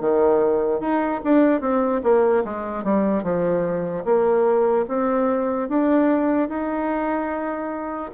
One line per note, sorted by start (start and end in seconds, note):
0.00 0.80 D#3
0.80 1.21 D#4
1.24 1.61 D4
1.61 2.01 C4
2.03 2.44 A#3
2.44 2.84 G#3
2.84 3.23 G3
3.23 4.04 F3
4.04 4.85 A#3
4.88 5.69 C4
5.69 6.49 D4
6.49 8.11 D#4